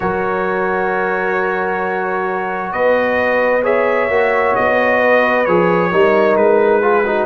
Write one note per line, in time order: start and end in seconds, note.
0.00 2.73 F#3
0.00 3.62 F#4
0.00 2.73 A#4
0.00 2.71 C#5
2.71 4.09 B3
2.71 3.62 B4
2.71 3.62 D#5
3.62 4.09 G#4
3.62 4.98 C#5
3.62 4.55 E5
4.09 4.54 A#3
4.09 5.46 F#4
4.55 5.47 B3
4.55 5.45 D#5
4.98 5.88 B4
5.45 5.91 F3
5.45 5.92 G#4
5.45 6.36 C#5
5.91 6.35 G3
5.91 6.82 D#4
5.91 6.81 A#4
6.35 7.26 G#3
6.35 7.26 B4
6.81 7.04 F4
6.81 7.04 G#4
7.05 7.26 D#4
7.05 7.26 F#4